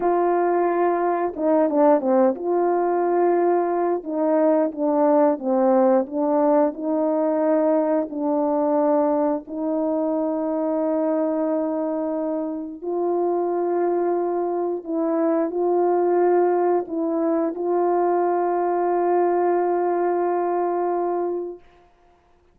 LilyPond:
\new Staff \with { instrumentName = "horn" } { \time 4/4 \tempo 4 = 89 f'2 dis'8 d'8 c'8 f'8~ | f'2 dis'4 d'4 | c'4 d'4 dis'2 | d'2 dis'2~ |
dis'2. f'4~ | f'2 e'4 f'4~ | f'4 e'4 f'2~ | f'1 | }